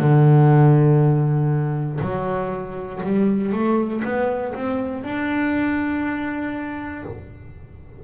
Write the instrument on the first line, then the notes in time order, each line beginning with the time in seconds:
double bass
0.00 D3
2.02 F#3
3.04 G3
3.53 A3
4.05 B3
4.55 C4
5.04 D4